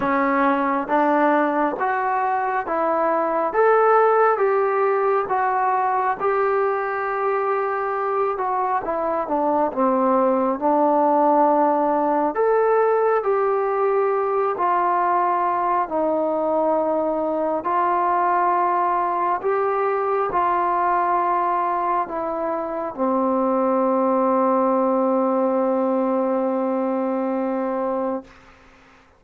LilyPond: \new Staff \with { instrumentName = "trombone" } { \time 4/4 \tempo 4 = 68 cis'4 d'4 fis'4 e'4 | a'4 g'4 fis'4 g'4~ | g'4. fis'8 e'8 d'8 c'4 | d'2 a'4 g'4~ |
g'8 f'4. dis'2 | f'2 g'4 f'4~ | f'4 e'4 c'2~ | c'1 | }